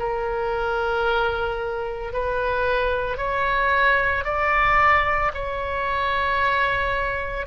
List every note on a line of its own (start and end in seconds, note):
0.00 2.13 A#4
2.13 3.18 B4
3.18 4.25 C#5
4.25 5.32 D5
5.35 7.47 C#5